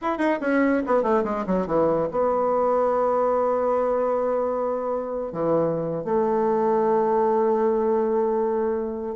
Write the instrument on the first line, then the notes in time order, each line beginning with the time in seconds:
bassoon
0.01 E4
0.18 D#4
0.41 C#4
0.86 B3
1.02 A3
1.24 G#3
1.46 F#3
1.66 E3
2.11 B3
5.32 E3
6.04 A3